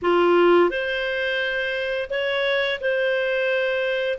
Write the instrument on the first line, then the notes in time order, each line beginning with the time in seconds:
clarinet
0.02 F4
0.69 C5
2.10 C#5
2.80 C5